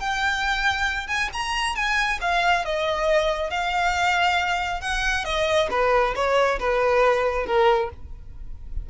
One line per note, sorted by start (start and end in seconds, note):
0.00 1.08 G5
1.08 1.30 G#5
1.33 1.76 A#5
1.76 2.19 G#5
2.21 2.65 F5
2.65 3.51 D#5
3.51 4.82 F5
4.82 5.25 F#5
5.25 5.69 D#5
5.71 6.15 B4
6.16 6.59 C#5
6.60 7.46 B4
7.46 7.90 A#4